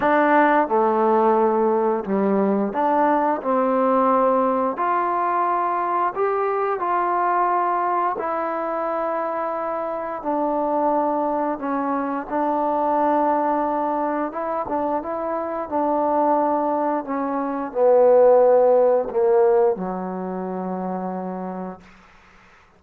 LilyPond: \new Staff \with { instrumentName = "trombone" } { \time 4/4 \tempo 4 = 88 d'4 a2 g4 | d'4 c'2 f'4~ | f'4 g'4 f'2 | e'2. d'4~ |
d'4 cis'4 d'2~ | d'4 e'8 d'8 e'4 d'4~ | d'4 cis'4 b2 | ais4 fis2. | }